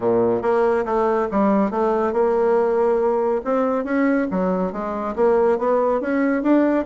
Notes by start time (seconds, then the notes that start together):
0.00 A#2
0.41 A#3
0.85 A3
1.31 G3
1.70 A3
2.13 A#3
3.44 C4
3.84 C#4
4.30 F#3
4.72 G#3
5.15 A#3
5.58 B3
6.00 C#4
6.42 D4